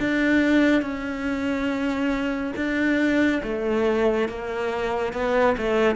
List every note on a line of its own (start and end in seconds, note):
0.00 0.82 D4
0.82 2.54 C#4
2.56 3.42 D4
3.44 4.29 A3
4.29 5.13 A#3
5.13 5.56 B3
5.58 5.96 A3